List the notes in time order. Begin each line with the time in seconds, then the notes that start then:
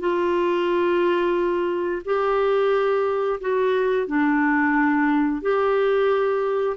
0.00 F4
2.05 G4
3.41 F#4
4.07 D4
5.42 G4